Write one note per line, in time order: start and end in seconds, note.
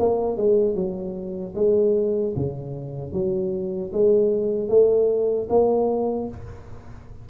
0.00 0.37 A#3
0.37 0.75 G#3
0.75 1.54 F#3
1.55 2.34 G#3
2.36 3.13 C#3
3.13 3.92 F#3
3.93 4.69 G#3
4.69 5.48 A3
5.50 6.29 A#3